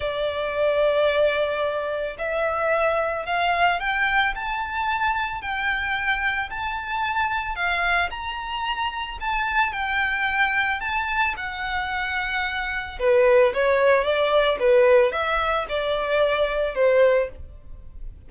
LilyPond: \new Staff \with { instrumentName = "violin" } { \time 4/4 \tempo 4 = 111 d''1 | e''2 f''4 g''4 | a''2 g''2 | a''2 f''4 ais''4~ |
ais''4 a''4 g''2 | a''4 fis''2. | b'4 cis''4 d''4 b'4 | e''4 d''2 c''4 | }